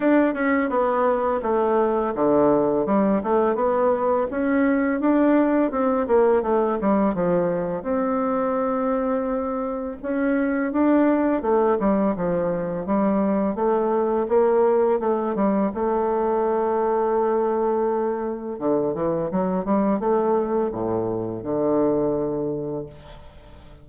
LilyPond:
\new Staff \with { instrumentName = "bassoon" } { \time 4/4 \tempo 4 = 84 d'8 cis'8 b4 a4 d4 | g8 a8 b4 cis'4 d'4 | c'8 ais8 a8 g8 f4 c'4~ | c'2 cis'4 d'4 |
a8 g8 f4 g4 a4 | ais4 a8 g8 a2~ | a2 d8 e8 fis8 g8 | a4 a,4 d2 | }